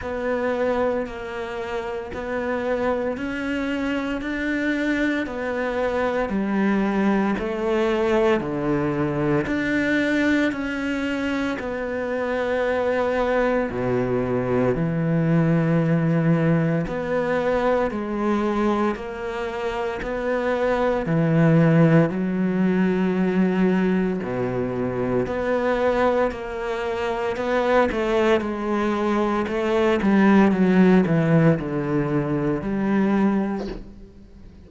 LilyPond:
\new Staff \with { instrumentName = "cello" } { \time 4/4 \tempo 4 = 57 b4 ais4 b4 cis'4 | d'4 b4 g4 a4 | d4 d'4 cis'4 b4~ | b4 b,4 e2 |
b4 gis4 ais4 b4 | e4 fis2 b,4 | b4 ais4 b8 a8 gis4 | a8 g8 fis8 e8 d4 g4 | }